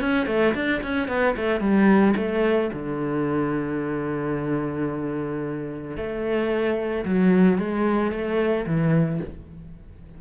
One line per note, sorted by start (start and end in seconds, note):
0.00 0.26 C#4
0.26 0.53 A3
0.54 0.81 D4
0.83 1.08 C#4
1.08 1.35 B3
1.36 1.60 A3
1.60 2.14 G3
2.16 2.70 A3
2.73 5.97 D3
5.97 7.05 A3
7.05 7.58 F#3
7.58 8.11 G#3
8.11 8.65 A3
8.66 9.20 E3